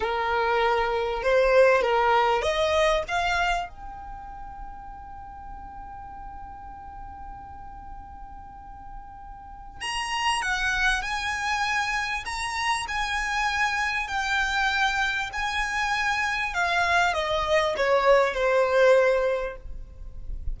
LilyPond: \new Staff \with { instrumentName = "violin" } { \time 4/4 \tempo 4 = 98 ais'2 c''4 ais'4 | dis''4 f''4 g''2~ | g''1~ | g''1 |
ais''4 fis''4 gis''2 | ais''4 gis''2 g''4~ | g''4 gis''2 f''4 | dis''4 cis''4 c''2 | }